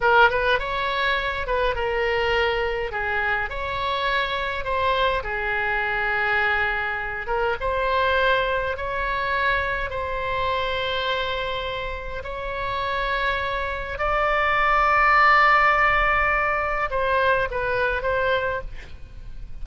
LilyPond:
\new Staff \with { instrumentName = "oboe" } { \time 4/4 \tempo 4 = 103 ais'8 b'8 cis''4. b'8 ais'4~ | ais'4 gis'4 cis''2 | c''4 gis'2.~ | gis'8 ais'8 c''2 cis''4~ |
cis''4 c''2.~ | c''4 cis''2. | d''1~ | d''4 c''4 b'4 c''4 | }